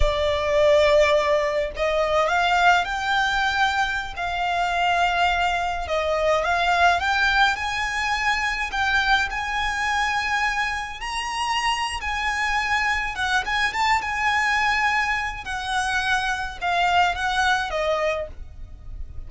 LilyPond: \new Staff \with { instrumentName = "violin" } { \time 4/4 \tempo 4 = 105 d''2. dis''4 | f''4 g''2~ g''16 f''8.~ | f''2~ f''16 dis''4 f''8.~ | f''16 g''4 gis''2 g''8.~ |
g''16 gis''2. ais''8.~ | ais''4 gis''2 fis''8 gis''8 | a''8 gis''2~ gis''8 fis''4~ | fis''4 f''4 fis''4 dis''4 | }